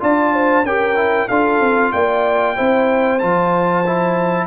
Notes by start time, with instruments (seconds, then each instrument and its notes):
0.00 tuba D4, trombone F4, horn D5, trumpet A5
0.34 horn C5
0.63 tuba C#4, trombone G4, horn A#4, trumpet G5
0.96 trombone E4
1.28 tuba D4, trombone F4, horn A4, trumpet F5
1.60 tuba C4
1.92 tuba A#3, horn D5, trumpet G5
2.56 tuba C4, trombone E4, horn C5
3.19 tuba F3, trombone F4, trumpet A5
3.86 trombone E4